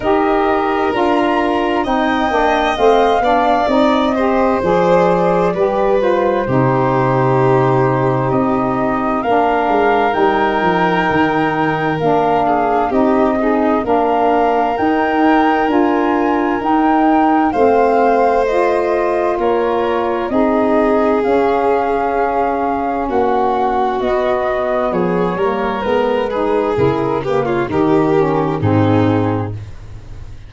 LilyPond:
<<
  \new Staff \with { instrumentName = "flute" } { \time 4/4 \tempo 4 = 65 dis''4 ais''4 g''4 f''4 | dis''4 d''4. c''4.~ | c''4 dis''4 f''4 g''4~ | g''4 f''4 dis''4 f''4 |
g''4 gis''4 g''4 f''4 | dis''4 cis''4 dis''4 f''4~ | f''4 fis''4 dis''4 cis''4 | b'4 ais'8 b'16 cis''16 ais'4 gis'4 | }
  \new Staff \with { instrumentName = "violin" } { \time 4/4 ais'2 dis''4. d''8~ | d''8 c''4. b'4 g'4~ | g'2 ais'2~ | ais'4. gis'8 g'8 dis'8 ais'4~ |
ais'2. c''4~ | c''4 ais'4 gis'2~ | gis'4 fis'2 gis'8 ais'8~ | ais'8 gis'4 g'16 f'16 g'4 dis'4 | }
  \new Staff \with { instrumentName = "saxophone" } { \time 4/4 g'4 f'4 dis'8 d'8 c'8 d'8 | dis'8 g'8 gis'4 g'8 f'8 dis'4~ | dis'2 d'4 dis'4~ | dis'4 d'4 dis'8 gis'8 d'4 |
dis'4 f'4 dis'4 c'4 | f'2 dis'4 cis'4~ | cis'2 b4. ais8 | b8 dis'8 e'8 ais8 dis'8 cis'8 c'4 | }
  \new Staff \with { instrumentName = "tuba" } { \time 4/4 dis'4 d'4 c'8 ais8 a8 b8 | c'4 f4 g4 c4~ | c4 c'4 ais8 gis8 g8 f8 | dis4 ais4 c'4 ais4 |
dis'4 d'4 dis'4 a4~ | a4 ais4 c'4 cis'4~ | cis'4 ais4 b4 f8 g8 | gis4 cis4 dis4 gis,4 | }
>>